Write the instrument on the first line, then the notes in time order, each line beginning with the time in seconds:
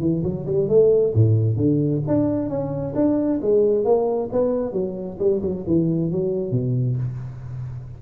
tuba
0.00 E3
0.23 F#3
0.46 G3
0.68 A3
1.14 A2
1.56 D3
2.07 D4
2.49 C#4
2.95 D4
3.41 G#3
3.84 A#3
4.32 B3
4.72 F#3
5.19 G3
5.42 F#3
5.67 E3
6.11 F#3
6.51 B2